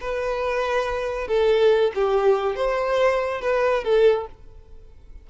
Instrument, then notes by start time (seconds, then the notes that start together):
violin
0.00 B4
1.27 A4
1.94 G4
2.55 C5
3.41 B4
3.84 A4